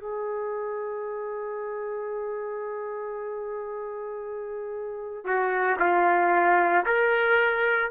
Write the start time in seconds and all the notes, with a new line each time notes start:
0.00 G#4
5.24 F#4
5.79 F4
6.86 A#4